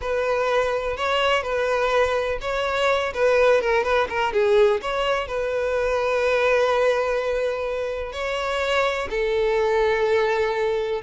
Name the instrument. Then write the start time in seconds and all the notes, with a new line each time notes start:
violin
0.01 B4
0.96 C#5
1.42 B4
2.41 C#5
3.14 B4
3.61 A#4
3.83 B4
4.09 A#4
4.32 G#4
4.81 C#5
5.27 B4
8.12 C#5
9.10 A4